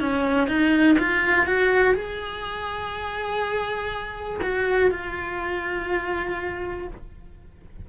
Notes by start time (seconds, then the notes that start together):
0.00 C#4
0.48 D#4
0.99 F4
1.46 F#4
1.94 G#4
4.42 F#4
4.91 F4